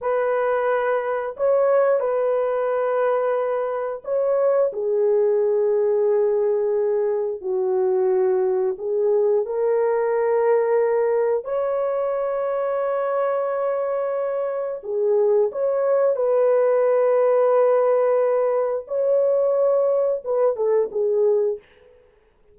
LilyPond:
\new Staff \with { instrumentName = "horn" } { \time 4/4 \tempo 4 = 89 b'2 cis''4 b'4~ | b'2 cis''4 gis'4~ | gis'2. fis'4~ | fis'4 gis'4 ais'2~ |
ais'4 cis''2.~ | cis''2 gis'4 cis''4 | b'1 | cis''2 b'8 a'8 gis'4 | }